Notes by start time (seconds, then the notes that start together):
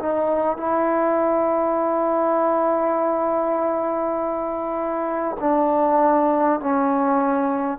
0.00 D#4
0.57 E4
5.41 D4
6.61 C#4